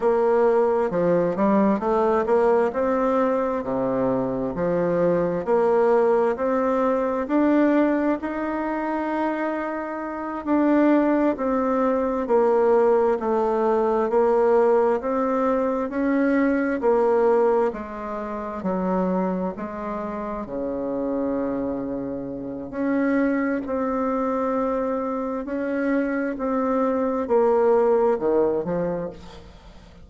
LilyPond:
\new Staff \with { instrumentName = "bassoon" } { \time 4/4 \tempo 4 = 66 ais4 f8 g8 a8 ais8 c'4 | c4 f4 ais4 c'4 | d'4 dis'2~ dis'8 d'8~ | d'8 c'4 ais4 a4 ais8~ |
ais8 c'4 cis'4 ais4 gis8~ | gis8 fis4 gis4 cis4.~ | cis4 cis'4 c'2 | cis'4 c'4 ais4 dis8 f8 | }